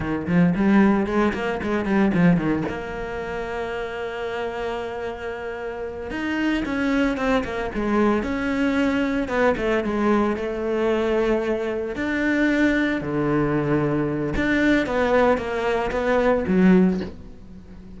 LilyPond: \new Staff \with { instrumentName = "cello" } { \time 4/4 \tempo 4 = 113 dis8 f8 g4 gis8 ais8 gis8 g8 | f8 dis8 ais2.~ | ais2.~ ais8 dis'8~ | dis'8 cis'4 c'8 ais8 gis4 cis'8~ |
cis'4. b8 a8 gis4 a8~ | a2~ a8 d'4.~ | d'8 d2~ d8 d'4 | b4 ais4 b4 fis4 | }